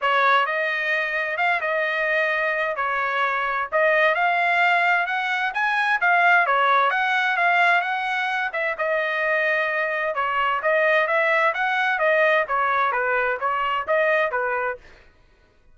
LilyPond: \new Staff \with { instrumentName = "trumpet" } { \time 4/4 \tempo 4 = 130 cis''4 dis''2 f''8 dis''8~ | dis''2 cis''2 | dis''4 f''2 fis''4 | gis''4 f''4 cis''4 fis''4 |
f''4 fis''4. e''8 dis''4~ | dis''2 cis''4 dis''4 | e''4 fis''4 dis''4 cis''4 | b'4 cis''4 dis''4 b'4 | }